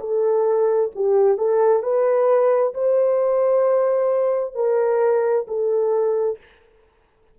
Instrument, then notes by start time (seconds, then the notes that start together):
horn
0.00 A4
0.95 G4
1.38 A4
1.83 B4
2.74 C5
4.55 A#4
5.48 A4